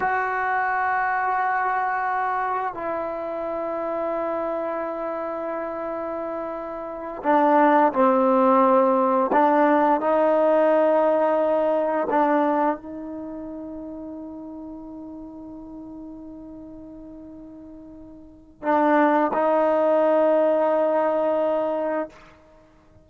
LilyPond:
\new Staff \with { instrumentName = "trombone" } { \time 4/4 \tempo 4 = 87 fis'1 | e'1~ | e'2~ e'8 d'4 c'8~ | c'4. d'4 dis'4.~ |
dis'4. d'4 dis'4.~ | dis'1~ | dis'2. d'4 | dis'1 | }